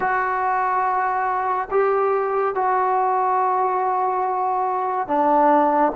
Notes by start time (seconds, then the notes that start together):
0.00 F#4
1.71 G4
2.54 F#4
5.07 D4